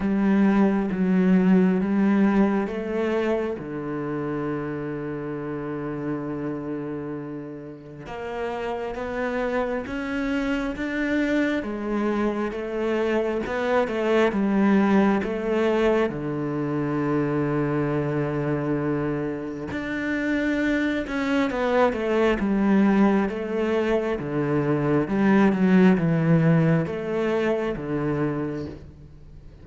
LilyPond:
\new Staff \with { instrumentName = "cello" } { \time 4/4 \tempo 4 = 67 g4 fis4 g4 a4 | d1~ | d4 ais4 b4 cis'4 | d'4 gis4 a4 b8 a8 |
g4 a4 d2~ | d2 d'4. cis'8 | b8 a8 g4 a4 d4 | g8 fis8 e4 a4 d4 | }